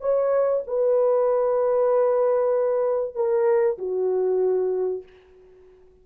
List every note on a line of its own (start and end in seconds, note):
0.00 0.62 C#5
0.67 3.15 B4
3.15 3.77 A#4
3.78 5.03 F#4